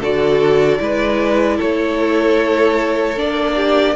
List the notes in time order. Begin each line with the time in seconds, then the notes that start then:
0.00 D3 F#4 A4 D5
0.78 G#3 E4 B4
1.57 A3 A4 C#5
3.16 A#3 D4 D5
3.56 G4